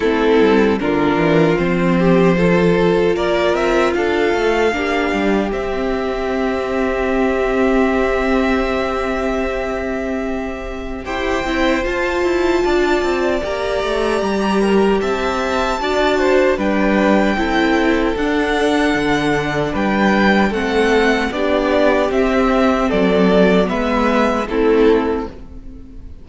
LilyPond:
<<
  \new Staff \with { instrumentName = "violin" } { \time 4/4 \tempo 4 = 76 a'4 ais'4 c''2 | d''8 e''8 f''2 e''4~ | e''1~ | e''2 g''4 a''4~ |
a''4 ais''2 a''4~ | a''4 g''2 fis''4~ | fis''4 g''4 fis''4 d''4 | e''4 d''4 e''4 a'4 | }
  \new Staff \with { instrumentName = "violin" } { \time 4/4 e'4 f'4. g'8 a'4 | ais'4 a'4 g'2~ | g'1~ | g'2 c''2 |
d''2~ d''8 ais'8 e''4 | d''8 c''8 b'4 a'2~ | a'4 b'4 a'4 g'4~ | g'4 a'4 b'4 e'4 | }
  \new Staff \with { instrumentName = "viola" } { \time 4/4 c'4 d'4 c'4 f'4~ | f'2 d'4 c'4~ | c'1~ | c'2 g'8 e'8 f'4~ |
f'4 g'2. | fis'4 d'4 e'4 d'4~ | d'2 c'4 d'4 | c'2 b4 c'4 | }
  \new Staff \with { instrumentName = "cello" } { \time 4/4 a8 g8 d8 e8 f2 | ais8 c'8 d'8 a8 ais8 g8 c'4~ | c'1~ | c'2 e'8 c'8 f'8 e'8 |
d'8 c'8 ais8 a8 g4 c'4 | d'4 g4 c'4 d'4 | d4 g4 a4 b4 | c'4 fis4 gis4 a4 | }
>>